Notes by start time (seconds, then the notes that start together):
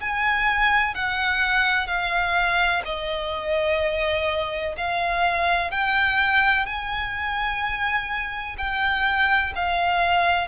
0.00 G#5
0.94 F#5
1.87 F5
2.85 D#5
4.77 F5
5.71 G5
6.65 G#5
8.58 G5
9.55 F5